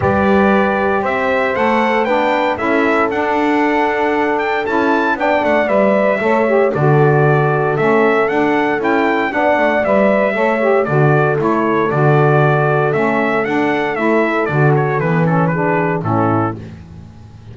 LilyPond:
<<
  \new Staff \with { instrumentName = "trumpet" } { \time 4/4 \tempo 4 = 116 d''2 e''4 fis''4 | g''4 e''4 fis''2~ | fis''8 g''8 a''4 g''8 fis''8 e''4~ | e''4 d''2 e''4 |
fis''4 g''4 fis''4 e''4~ | e''4 d''4 cis''4 d''4~ | d''4 e''4 fis''4 e''4 | d''8 cis''8 b'8 a'8 b'4 a'4 | }
  \new Staff \with { instrumentName = "horn" } { \time 4/4 b'2 c''2 | b'4 a'2.~ | a'2 d''2 | cis''4 a'2.~ |
a'2 d''2 | cis''4 a'2.~ | a'1~ | a'2 gis'4 e'4 | }
  \new Staff \with { instrumentName = "saxophone" } { \time 4/4 g'2. a'4 | d'4 e'4 d'2~ | d'4 e'4 d'4 b'4 | a'8 g'8 fis'2 cis'4 |
d'4 e'4 d'4 b'4 | a'8 g'8 fis'4 e'4 fis'4~ | fis'4 cis'4 d'4 e'4 | fis'4 b8 cis'8 d'4 cis'4 | }
  \new Staff \with { instrumentName = "double bass" } { \time 4/4 g2 c'4 a4 | b4 cis'4 d'2~ | d'4 cis'4 b8 a8 g4 | a4 d2 a4 |
d'4 cis'4 b8 a8 g4 | a4 d4 a4 d4~ | d4 a4 d'4 a4 | d4 e2 a,4 | }
>>